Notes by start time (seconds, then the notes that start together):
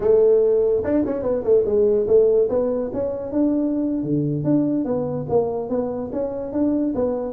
0.00 A3
0.84 D4
1.05 C#4
1.22 B3
1.43 A3
1.65 G#3
2.07 A3
2.49 B3
2.93 C#4
3.32 D4
4.03 D3
4.44 D4
4.84 B3
5.29 A#3
5.69 B3
6.12 C#4
6.52 D4
6.95 B3